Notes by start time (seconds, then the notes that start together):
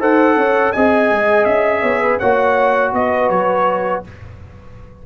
0.00 D#4 A4 C5 F#5
0.36 C#4 C#5
0.72 C4 G#4 D#5 G#5
1.10 G#3
1.45 C#4 E5
1.82 B3 C#5
2.02 B4
2.19 A#3 F#4 C#5 F#5
2.93 B3 B4 D#5
3.29 F#3 C#5